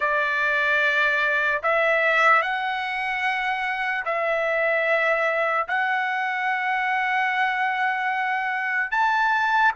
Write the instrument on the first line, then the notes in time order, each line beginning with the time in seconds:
trumpet
0.00 D5
1.63 E5
2.42 F#5
4.05 E5
5.68 F#5
8.91 A5